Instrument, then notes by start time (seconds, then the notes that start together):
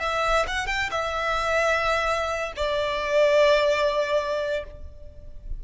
violin
0.00 E5
0.48 F#5
0.67 G5
0.91 E5
2.56 D5